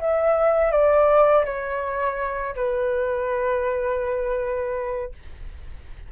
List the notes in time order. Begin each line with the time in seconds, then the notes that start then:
0.00 E5
0.72 D5
1.45 C#5
2.55 B4